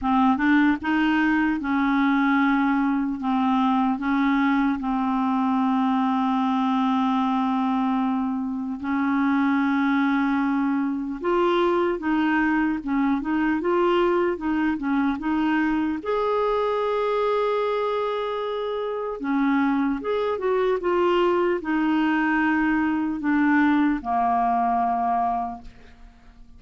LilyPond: \new Staff \with { instrumentName = "clarinet" } { \time 4/4 \tempo 4 = 75 c'8 d'8 dis'4 cis'2 | c'4 cis'4 c'2~ | c'2. cis'4~ | cis'2 f'4 dis'4 |
cis'8 dis'8 f'4 dis'8 cis'8 dis'4 | gis'1 | cis'4 gis'8 fis'8 f'4 dis'4~ | dis'4 d'4 ais2 | }